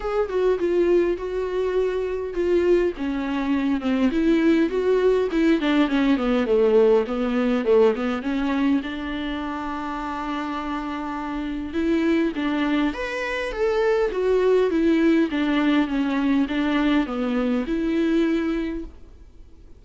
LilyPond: \new Staff \with { instrumentName = "viola" } { \time 4/4 \tempo 4 = 102 gis'8 fis'8 f'4 fis'2 | f'4 cis'4. c'8 e'4 | fis'4 e'8 d'8 cis'8 b8 a4 | b4 a8 b8 cis'4 d'4~ |
d'1 | e'4 d'4 b'4 a'4 | fis'4 e'4 d'4 cis'4 | d'4 b4 e'2 | }